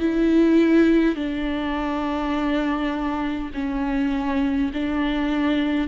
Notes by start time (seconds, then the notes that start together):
0.00 E4
1.16 D4
3.54 C#4
4.73 D4